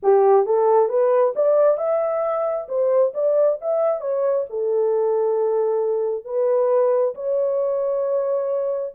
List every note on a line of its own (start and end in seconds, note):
0.02 0.45 G4
0.45 0.88 A4
0.88 1.33 B4
1.35 1.77 D5
1.77 2.67 E5
2.68 3.13 C5
3.13 3.58 D5
3.61 4.01 E5
4.01 4.45 C#5
4.49 6.24 A4
6.24 7.14 B4
7.15 8.94 C#5